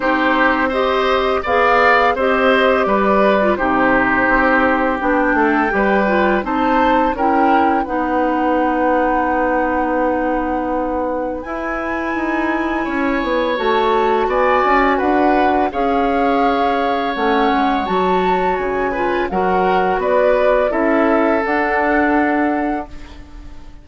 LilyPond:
<<
  \new Staff \with { instrumentName = "flute" } { \time 4/4 \tempo 4 = 84 c''4 dis''4 f''4 dis''4 | d''4 c''2 g''4~ | g''4 a''4 g''4 fis''4~ | fis''1 |
gis''2. a''4 | gis''4 fis''4 f''2 | fis''4 a''4 gis''4 fis''4 | d''4 e''4 fis''2 | }
  \new Staff \with { instrumentName = "oboe" } { \time 4/4 g'4 c''4 d''4 c''4 | b'4 g'2~ g'8 a'8 | b'4 c''4 ais'4 b'4~ | b'1~ |
b'2 cis''2 | d''4 b'4 cis''2~ | cis''2~ cis''8 b'8 ais'4 | b'4 a'2. | }
  \new Staff \with { instrumentName = "clarinet" } { \time 4/4 dis'4 g'4 gis'4 g'4~ | g'8. f'16 dis'2 d'4 | g'8 f'8 dis'4 e'4 dis'4~ | dis'1 |
e'2. fis'4~ | fis'2 gis'2 | cis'4 fis'4. f'8 fis'4~ | fis'4 e'4 d'2 | }
  \new Staff \with { instrumentName = "bassoon" } { \time 4/4 c'2 b4 c'4 | g4 c4 c'4 b8 a8 | g4 c'4 cis'4 b4~ | b1 |
e'4 dis'4 cis'8 b8 a4 | b8 cis'8 d'4 cis'2 | a8 gis8 fis4 cis4 fis4 | b4 cis'4 d'2 | }
>>